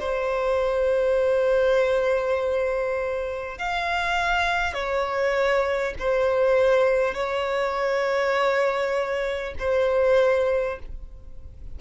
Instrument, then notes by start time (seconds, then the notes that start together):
violin
0.00 C5
3.58 F5
4.75 C#5
5.99 C5
7.15 C#5
9.59 C5